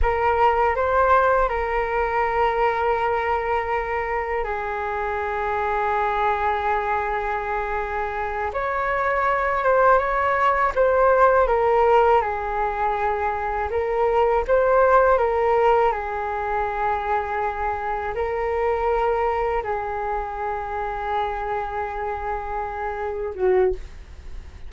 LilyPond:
\new Staff \with { instrumentName = "flute" } { \time 4/4 \tempo 4 = 81 ais'4 c''4 ais'2~ | ais'2 gis'2~ | gis'2.~ gis'8 cis''8~ | cis''4 c''8 cis''4 c''4 ais'8~ |
ais'8 gis'2 ais'4 c''8~ | c''8 ais'4 gis'2~ gis'8~ | gis'8 ais'2 gis'4.~ | gis'2.~ gis'8 fis'8 | }